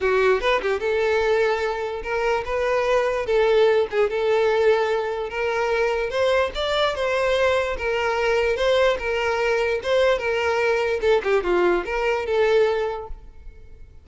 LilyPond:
\new Staff \with { instrumentName = "violin" } { \time 4/4 \tempo 4 = 147 fis'4 b'8 g'8 a'2~ | a'4 ais'4 b'2 | a'4. gis'8 a'2~ | a'4 ais'2 c''4 |
d''4 c''2 ais'4~ | ais'4 c''4 ais'2 | c''4 ais'2 a'8 g'8 | f'4 ais'4 a'2 | }